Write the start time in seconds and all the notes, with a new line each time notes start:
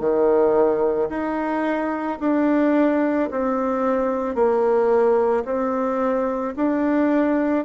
0.00 D#3
1.09 D#4
2.20 D4
3.31 C4
4.35 A#3
5.45 C4
6.56 D4